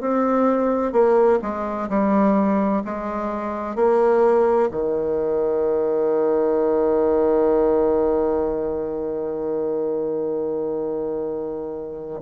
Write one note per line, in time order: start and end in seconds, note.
0.00 0.92 C4
0.92 1.39 A#3
1.42 1.89 G#3
1.89 2.83 G3
2.84 3.75 G#3
3.75 4.69 A#3
4.71 12.21 D#3